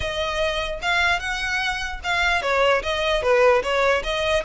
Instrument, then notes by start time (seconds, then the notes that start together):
violin
0.00 D#5
0.81 F5
1.19 F#5
2.03 F5
2.42 C#5
2.82 D#5
3.22 B4
3.62 C#5
4.03 D#5